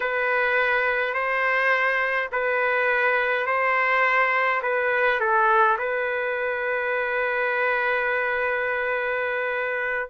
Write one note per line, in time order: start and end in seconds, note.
0.00 1.14 B4
1.14 2.29 C5
2.32 3.46 B4
3.46 4.61 C5
4.62 5.19 B4
5.19 5.77 A4
5.78 10.10 B4